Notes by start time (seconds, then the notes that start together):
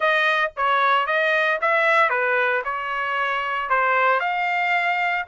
0.00 D#5
0.56 C#5
1.06 D#5
1.61 E5
2.09 B4
2.64 C#5
3.69 C5
4.19 F5